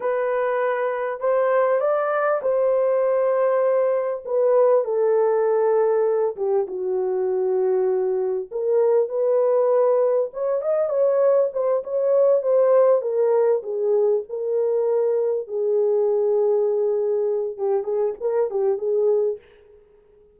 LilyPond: \new Staff \with { instrumentName = "horn" } { \time 4/4 \tempo 4 = 99 b'2 c''4 d''4 | c''2. b'4 | a'2~ a'8 g'8 fis'4~ | fis'2 ais'4 b'4~ |
b'4 cis''8 dis''8 cis''4 c''8 cis''8~ | cis''8 c''4 ais'4 gis'4 ais'8~ | ais'4. gis'2~ gis'8~ | gis'4 g'8 gis'8 ais'8 g'8 gis'4 | }